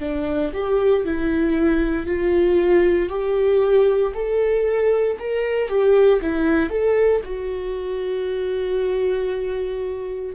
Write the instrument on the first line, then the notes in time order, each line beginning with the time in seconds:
viola
0.00 D4
0.54 G4
1.05 E4
2.06 F4
3.09 G4
4.14 A4
5.19 A#4
5.68 G4
6.21 E4
6.70 A4
7.25 F#4